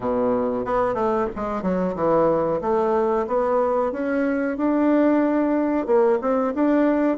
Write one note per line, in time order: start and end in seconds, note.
0.00 0.65 B2
0.65 0.94 B3
0.94 1.27 A3
1.35 1.62 G#3
1.62 1.94 F#3
1.95 2.60 E3
2.61 3.26 A3
3.27 3.91 B3
3.91 4.57 C#4
4.57 5.86 D4
5.86 6.18 A#3
6.21 6.53 C4
6.54 7.17 D4